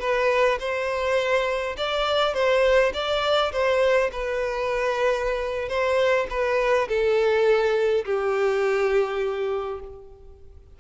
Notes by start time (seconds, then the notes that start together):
0.00 B4
0.60 C5
1.77 D5
2.34 C5
2.94 D5
3.52 C5
4.12 B4
5.69 C5
6.30 B4
6.88 A4
8.05 G4